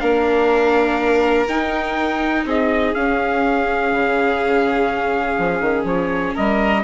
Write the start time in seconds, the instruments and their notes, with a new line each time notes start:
0.00 bassoon A#3, viola D4, violin A#4, trumpet F5
1.48 bassoon D#4, viola D#4, trumpet G5
2.45 bassoon C4, violin G#4, trumpet D#5
2.94 bassoon C#4, viola C#4, trumpet F5
3.92 bassoon C#3
5.38 bassoon F3
5.61 bassoon D#3
5.84 bassoon F3, trumpet C#5
6.35 bassoon G3, violin A#4, trumpet D#5